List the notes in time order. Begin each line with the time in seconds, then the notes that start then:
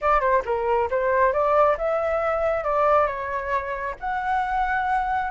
0.01 D5
0.20 C5
0.45 A#4
0.90 C5
1.32 D5
1.77 E5
2.64 D5
3.06 C#5
4.00 F#5